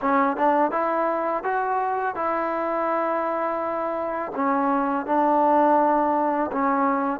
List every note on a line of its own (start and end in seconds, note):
0.01 0.36 C#4
0.36 0.71 D4
0.71 1.43 E4
1.43 2.15 F#4
2.15 4.32 E4
4.35 5.06 C#4
5.06 6.50 D4
6.52 7.20 C#4